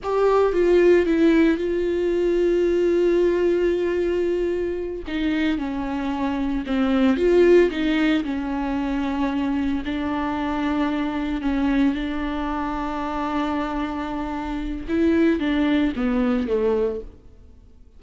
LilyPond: \new Staff \with { instrumentName = "viola" } { \time 4/4 \tempo 4 = 113 g'4 f'4 e'4 f'4~ | f'1~ | f'4. dis'4 cis'4.~ | cis'8 c'4 f'4 dis'4 cis'8~ |
cis'2~ cis'8 d'4.~ | d'4. cis'4 d'4.~ | d'1 | e'4 d'4 b4 a4 | }